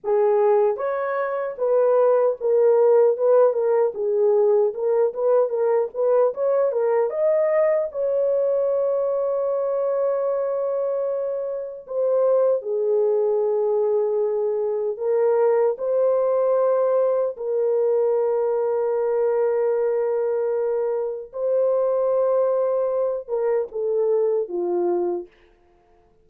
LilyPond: \new Staff \with { instrumentName = "horn" } { \time 4/4 \tempo 4 = 76 gis'4 cis''4 b'4 ais'4 | b'8 ais'8 gis'4 ais'8 b'8 ais'8 b'8 | cis''8 ais'8 dis''4 cis''2~ | cis''2. c''4 |
gis'2. ais'4 | c''2 ais'2~ | ais'2. c''4~ | c''4. ais'8 a'4 f'4 | }